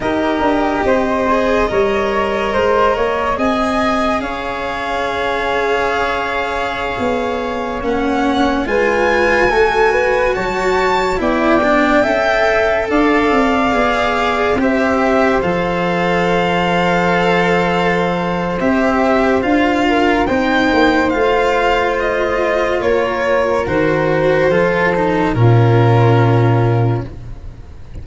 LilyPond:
<<
  \new Staff \with { instrumentName = "violin" } { \time 4/4 \tempo 4 = 71 dis''1 | gis''4 f''2.~ | f''4~ f''16 fis''4 gis''4.~ gis''16~ | gis''16 a''4 g''2 f''8.~ |
f''4~ f''16 e''4 f''4.~ f''16~ | f''2 e''4 f''4 | g''4 f''4 dis''4 cis''4 | c''2 ais'2 | }
  \new Staff \with { instrumentName = "flute" } { \time 4/4 ais'4 c''4 cis''4 c''8 cis''8 | dis''4 cis''2.~ | cis''2~ cis''16 b'4 a'8 b'16~ | b'16 cis''4 d''4 e''4 d''8.~ |
d''4~ d''16 c''2~ c''8.~ | c''2.~ c''8 ais'8 | c''2. ais'4~ | ais'4 a'4 f'2 | }
  \new Staff \with { instrumentName = "cello" } { \time 4/4 g'4. gis'8 ais'2 | gis'1~ | gis'4~ gis'16 cis'4 f'4 fis'8.~ | fis'4~ fis'16 e'8 d'8 a'4.~ a'16~ |
a'16 gis'4 g'4 a'4.~ a'16~ | a'2 g'4 f'4 | dis'4 f'2. | fis'4 f'8 dis'8 cis'2 | }
  \new Staff \with { instrumentName = "tuba" } { \time 4/4 dis'8 d'8 c'4 g4 gis8 ais8 | c'4 cis'2.~ | cis'16 b4 ais4 gis4 a8.~ | a16 fis4 b4 cis'4 d'8 c'16~ |
c'16 b4 c'4 f4.~ f16~ | f2 c'4 d'4 | c'8 ais8 a2 ais4 | dis4 f4 ais,2 | }
>>